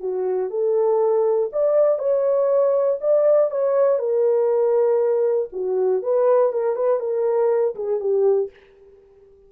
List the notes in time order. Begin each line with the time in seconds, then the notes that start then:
0.00 F#4
0.50 A4
1.52 D5
1.99 C#5
3.01 D5
3.51 C#5
3.99 A#4
5.52 F#4
6.02 B4
6.52 A#4
6.75 B4
7.00 A#4
7.75 G#4
8.00 G4